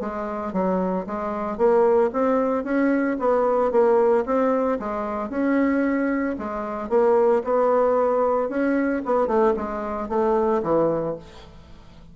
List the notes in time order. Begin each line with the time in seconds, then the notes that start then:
0.00 G#3
0.53 F#3
1.06 G#3
1.57 A#3
2.13 C4
2.64 C#4
3.19 B3
3.72 A#3
4.26 C4
4.79 G#3
5.30 C#4
6.38 G#3
6.89 A#3
7.44 B3
8.49 C#4
9.05 B3
9.27 A3
9.56 G#3
10.09 A3
10.63 E3